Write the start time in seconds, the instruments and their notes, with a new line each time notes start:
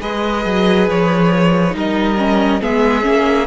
0.00 cello G#3, viola G#4, violin B4 D#5
0.45 cello F#3
0.87 cello F3, violin C#5
1.70 cello G3, viola D#4, violin A#4
1.77 violin D#5
2.17 viola C#4
2.61 cello G#3, viola B3, violin G#4 E5
3.01 cello A#3, viola C#4